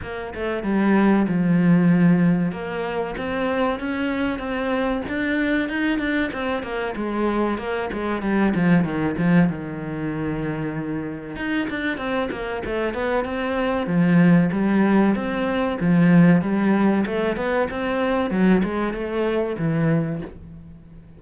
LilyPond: \new Staff \with { instrumentName = "cello" } { \time 4/4 \tempo 4 = 95 ais8 a8 g4 f2 | ais4 c'4 cis'4 c'4 | d'4 dis'8 d'8 c'8 ais8 gis4 | ais8 gis8 g8 f8 dis8 f8 dis4~ |
dis2 dis'8 d'8 c'8 ais8 | a8 b8 c'4 f4 g4 | c'4 f4 g4 a8 b8 | c'4 fis8 gis8 a4 e4 | }